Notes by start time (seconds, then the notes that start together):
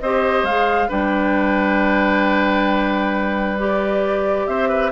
0.00 C4 G4 C5 D#5
0.43 G#3 G#4 F5
0.88 G3 D4 B4 G5
3.58 G4 D5
4.47 C4 C5 E5
4.68 B4